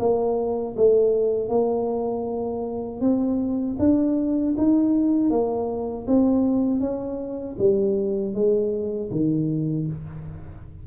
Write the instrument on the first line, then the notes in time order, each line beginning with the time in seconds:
tuba
0.00 A#3
0.77 A3
1.49 A#3
3.01 C4
3.79 D4
4.58 D#4
5.31 A#3
6.08 C4
6.80 C#4
7.59 G3
8.34 G#3
9.12 D#3